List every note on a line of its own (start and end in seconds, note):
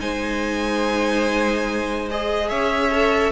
0.00 2.51 G#3
0.00 2.08 D#4
0.00 2.49 C5
0.00 2.09 G#5
2.11 2.91 G#4
2.11 2.49 D#5
2.49 3.32 C#4
2.49 3.32 C#5
2.49 3.32 E5
2.91 3.32 A4